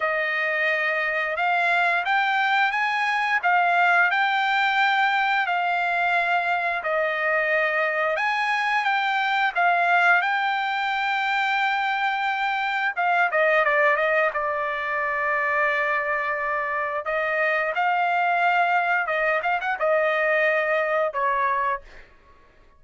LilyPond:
\new Staff \with { instrumentName = "trumpet" } { \time 4/4 \tempo 4 = 88 dis''2 f''4 g''4 | gis''4 f''4 g''2 | f''2 dis''2 | gis''4 g''4 f''4 g''4~ |
g''2. f''8 dis''8 | d''8 dis''8 d''2.~ | d''4 dis''4 f''2 | dis''8 f''16 fis''16 dis''2 cis''4 | }